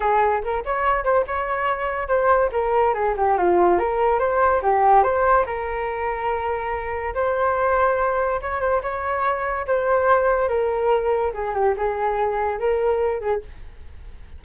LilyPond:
\new Staff \with { instrumentName = "flute" } { \time 4/4 \tempo 4 = 143 gis'4 ais'8 cis''4 c''8 cis''4~ | cis''4 c''4 ais'4 gis'8 g'8 | f'4 ais'4 c''4 g'4 | c''4 ais'2.~ |
ais'4 c''2. | cis''8 c''8 cis''2 c''4~ | c''4 ais'2 gis'8 g'8 | gis'2 ais'4. gis'8 | }